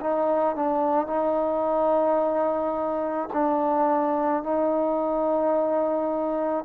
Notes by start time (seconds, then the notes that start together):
0.00 D#4
0.55 D4
1.07 D#4
3.33 D4
4.43 D#4